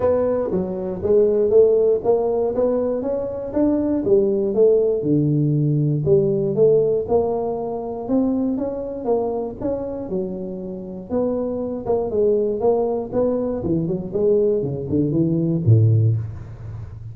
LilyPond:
\new Staff \with { instrumentName = "tuba" } { \time 4/4 \tempo 4 = 119 b4 fis4 gis4 a4 | ais4 b4 cis'4 d'4 | g4 a4 d2 | g4 a4 ais2 |
c'4 cis'4 ais4 cis'4 | fis2 b4. ais8 | gis4 ais4 b4 e8 fis8 | gis4 cis8 d8 e4 a,4 | }